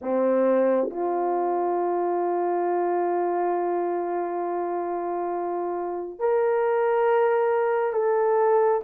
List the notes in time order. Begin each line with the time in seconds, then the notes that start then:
0.01 C4
0.90 F4
6.19 A#4
7.93 A4